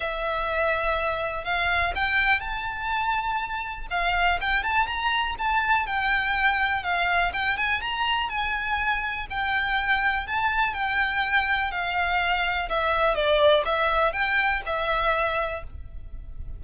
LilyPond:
\new Staff \with { instrumentName = "violin" } { \time 4/4 \tempo 4 = 123 e''2. f''4 | g''4 a''2. | f''4 g''8 a''8 ais''4 a''4 | g''2 f''4 g''8 gis''8 |
ais''4 gis''2 g''4~ | g''4 a''4 g''2 | f''2 e''4 d''4 | e''4 g''4 e''2 | }